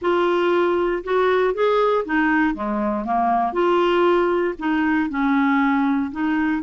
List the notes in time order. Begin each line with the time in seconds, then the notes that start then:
0.01 F4
1.04 F#4
1.53 G#4
2.05 D#4
2.54 G#3
3.04 A#3
3.52 F4
4.58 D#4
5.09 C#4
6.11 D#4